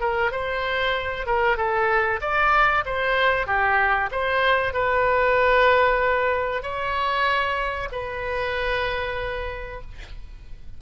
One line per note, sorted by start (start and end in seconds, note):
0.00 0.31 A#4
0.31 1.26 C5
1.26 1.57 A#4
1.57 2.20 A4
2.21 2.84 D5
2.85 3.47 C5
3.47 4.10 G4
4.11 4.73 C5
4.73 6.63 B4
6.63 7.89 C#5
7.92 9.81 B4